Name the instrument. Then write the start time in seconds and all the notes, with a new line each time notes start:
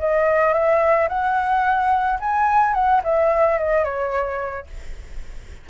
flute
0.00 D#5
0.54 E5
1.09 F#5
2.20 G#5
2.74 F#5
3.04 E5
3.59 D#5
3.85 C#5